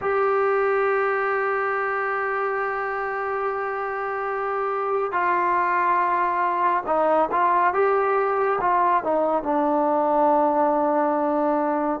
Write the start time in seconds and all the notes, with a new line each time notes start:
0.01 G4
5.12 F4
6.86 D#4
7.31 F4
7.73 G4
8.60 F4
9.03 D#4
9.43 D4